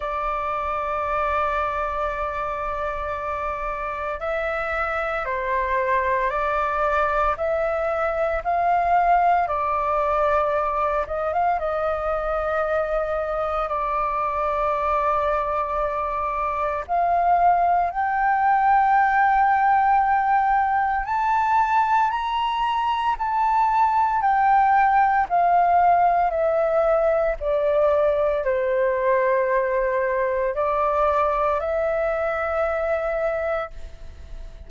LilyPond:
\new Staff \with { instrumentName = "flute" } { \time 4/4 \tempo 4 = 57 d''1 | e''4 c''4 d''4 e''4 | f''4 d''4. dis''16 f''16 dis''4~ | dis''4 d''2. |
f''4 g''2. | a''4 ais''4 a''4 g''4 | f''4 e''4 d''4 c''4~ | c''4 d''4 e''2 | }